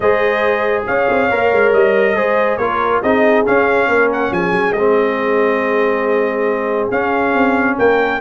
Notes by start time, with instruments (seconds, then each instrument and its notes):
0.00 tuba G#3, trombone G#4, horn C5, trumpet D#5
0.86 tuba C#4, horn C#5, trumpet F5
1.10 tuba C4
1.30 tuba A#3, trombone A#4
1.52 tuba G#3
1.72 tuba G3, trumpet D#5
2.15 tuba G#3, trombone G#4, horn C5
2.57 tuba A#3, trombone F4, horn A#4, trumpet C#5
3.01 tuba C4, trombone D#4, horn G#4, trumpet D#5
3.45 trombone C#4, tuba C#4, trumpet F5
3.87 tuba A#3, horn A#4
4.12 trumpet F#5
4.31 tuba F3, horn G#4, trumpet G#5
4.51 tuba F#3
4.73 tuba G#3, trombone C4, trumpet D#5
6.91 tuba C#4, trombone C#4, trumpet F5
7.34 tuba C4
7.77 tuba A#3, horn A#4, trumpet G5